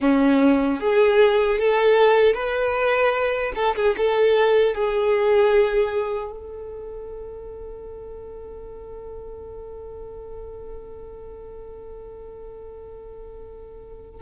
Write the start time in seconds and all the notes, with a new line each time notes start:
0.00 C#4
0.80 G#4
1.58 A4
2.34 B4
3.55 A4
3.75 G#4
3.97 A4
4.74 G#4
6.31 A4